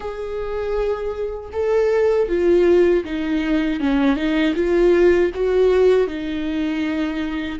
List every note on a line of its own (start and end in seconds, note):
0.00 1.50 G#4
1.52 2.28 A4
2.28 3.04 F4
3.04 3.80 D#4
3.80 4.16 C#4
4.16 4.54 D#4
4.55 5.31 F4
5.34 6.07 F#4
6.07 7.59 D#4